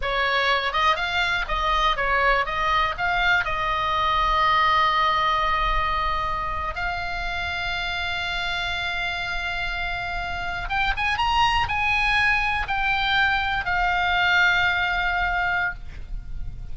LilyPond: \new Staff \with { instrumentName = "oboe" } { \time 4/4 \tempo 4 = 122 cis''4. dis''8 f''4 dis''4 | cis''4 dis''4 f''4 dis''4~ | dis''1~ | dis''4.~ dis''16 f''2~ f''16~ |
f''1~ | f''4.~ f''16 g''8 gis''8 ais''4 gis''16~ | gis''4.~ gis''16 g''2 f''16~ | f''1 | }